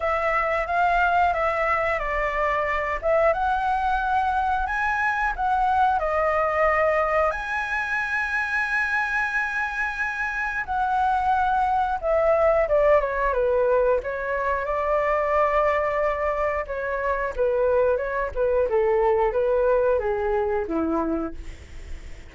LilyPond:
\new Staff \with { instrumentName = "flute" } { \time 4/4 \tempo 4 = 90 e''4 f''4 e''4 d''4~ | d''8 e''8 fis''2 gis''4 | fis''4 dis''2 gis''4~ | gis''1 |
fis''2 e''4 d''8 cis''8 | b'4 cis''4 d''2~ | d''4 cis''4 b'4 cis''8 b'8 | a'4 b'4 gis'4 e'4 | }